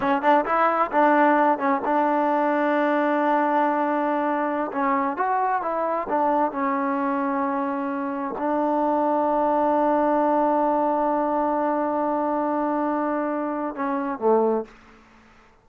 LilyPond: \new Staff \with { instrumentName = "trombone" } { \time 4/4 \tempo 4 = 131 cis'8 d'8 e'4 d'4. cis'8 | d'1~ | d'2~ d'16 cis'4 fis'8.~ | fis'16 e'4 d'4 cis'4.~ cis'16~ |
cis'2~ cis'16 d'4.~ d'16~ | d'1~ | d'1~ | d'2 cis'4 a4 | }